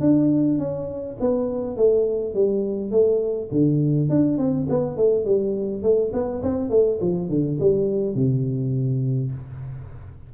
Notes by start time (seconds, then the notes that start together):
0.00 D4
0.58 C#4
1.20 B3
1.76 A3
2.34 G3
2.90 A3
3.51 D3
4.09 D4
4.38 C4
4.69 B3
4.96 A3
5.25 G3
5.82 A3
6.13 B3
6.42 C4
6.69 A3
7.01 F3
7.29 D3
7.60 G3
8.14 C3